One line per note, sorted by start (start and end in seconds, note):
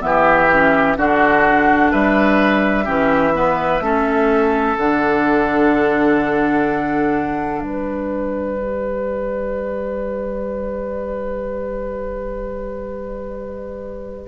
0.00 0.97 E3
0.00 0.48 B3
0.00 0.97 G4
0.00 0.96 E5
0.53 0.97 C#4
0.97 1.92 D3
0.97 2.85 D4
0.97 1.91 F#4
0.97 1.91 F#5
1.91 2.87 G3
1.91 2.84 B4
1.91 4.77 E5
2.84 3.80 E3
2.84 3.33 C#4
2.84 3.32 G4
3.33 3.81 B3
3.33 3.84 B4
3.80 4.75 A3
3.80 4.77 C#4
3.80 7.63 A4
4.77 7.61 D3
4.77 8.58 D4
4.77 7.61 F#5
7.61 14.28 G3
7.61 14.28 B4
7.61 14.28 D5
8.58 14.28 G4